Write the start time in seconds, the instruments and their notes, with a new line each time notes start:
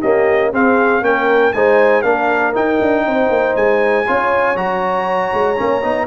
0.00 trombone A#3, tuba C#4, horn G4, trumpet D#5
0.52 tuba C4, trombone C4, horn G#4, trumpet F5
1.01 tuba A#3, trombone C#4, horn A#4, trumpet G5
1.53 tuba G#3, trombone D#4, horn C5, trumpet G#5
2.02 tuba A#3, trombone D4, horn A#4, trumpet F5
2.54 trombone D#4, tuba D#4, trumpet G5
2.81 tuba D4
3.06 tuba C4, horn C5
3.29 tuba A#3
3.55 tuba G#3, trumpet G#5
4.07 tuba C#4, trombone F4, horn C#5
4.55 tuba F#3, trombone F#4, trumpet A#5
5.33 tuba G#3
5.56 tuba A#3, trombone C#4
5.82 tuba B3, trombone D#4